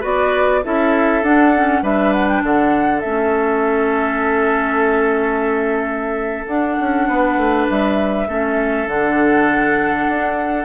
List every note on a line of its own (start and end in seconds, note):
0.00 0.63 B3
0.00 0.62 F#4
0.00 0.60 B4
0.00 0.64 D5
0.63 1.22 C#4
0.63 1.23 E4
0.63 1.82 A4
0.63 1.23 E5
1.22 1.82 D4
1.22 1.53 D4
1.22 1.83 F#5
1.56 1.82 C#4
1.82 2.42 G3
1.82 3.02 D4
1.82 2.42 B4
1.82 2.12 E5
2.12 2.27 F#5
2.28 2.43 G5
2.43 3.03 D3
2.43 7.08 A4
2.43 3.00 F#5
3.00 6.46 A3
3.00 6.47 C#4
3.00 6.45 E5
6.46 6.76 D4
6.46 8.27 D4
6.46 7.67 F#5
6.80 7.08 C#4
7.08 7.37 B3
7.08 8.28 B4
7.37 7.67 A3
7.69 8.27 G3
7.69 8.88 E5
8.27 8.86 A3
8.27 8.87 C#4
8.27 10.65 A4
8.86 10.06 D3
8.86 10.65 D4
8.86 10.65 F#5
10.09 10.65 D4